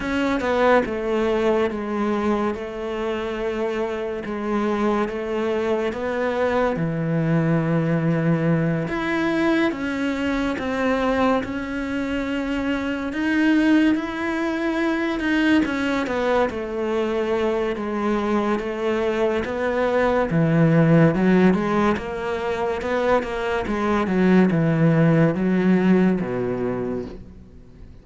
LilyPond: \new Staff \with { instrumentName = "cello" } { \time 4/4 \tempo 4 = 71 cis'8 b8 a4 gis4 a4~ | a4 gis4 a4 b4 | e2~ e8 e'4 cis'8~ | cis'8 c'4 cis'2 dis'8~ |
dis'8 e'4. dis'8 cis'8 b8 a8~ | a4 gis4 a4 b4 | e4 fis8 gis8 ais4 b8 ais8 | gis8 fis8 e4 fis4 b,4 | }